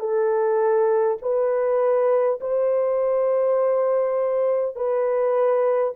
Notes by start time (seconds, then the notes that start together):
0.00 A4
1.21 B4
2.41 C5
4.76 B4